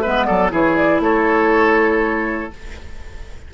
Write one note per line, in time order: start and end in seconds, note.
0.00 0.29 G#3
0.00 0.50 B3
0.00 0.26 B4
0.00 0.24 E5
0.24 0.51 F#3
0.24 0.51 A4
0.24 0.49 D5
0.50 0.99 E3
0.50 2.50 E4
0.50 1.01 G#4
0.50 0.76 C#5
0.76 1.01 D5
0.99 2.49 A3
0.99 2.53 A4
0.99 2.52 C#5